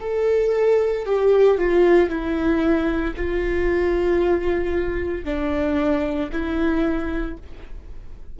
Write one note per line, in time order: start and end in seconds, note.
0.00 1.05 A4
1.05 1.58 G4
1.58 2.09 F4
2.09 3.14 E4
3.16 5.25 F4
5.25 6.30 D4
6.32 7.37 E4